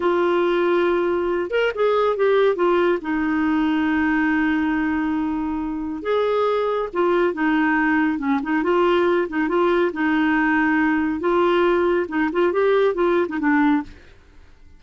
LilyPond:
\new Staff \with { instrumentName = "clarinet" } { \time 4/4 \tempo 4 = 139 f'2.~ f'8 ais'8 | gis'4 g'4 f'4 dis'4~ | dis'1~ | dis'2 gis'2 |
f'4 dis'2 cis'8 dis'8 | f'4. dis'8 f'4 dis'4~ | dis'2 f'2 | dis'8 f'8 g'4 f'8. dis'16 d'4 | }